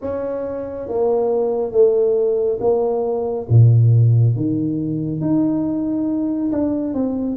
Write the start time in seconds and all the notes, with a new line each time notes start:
0.01 C#4
0.88 A#3
1.72 A3
2.60 A#3
3.49 A#2
4.36 D#3
5.21 D#4
6.52 D4
6.94 C4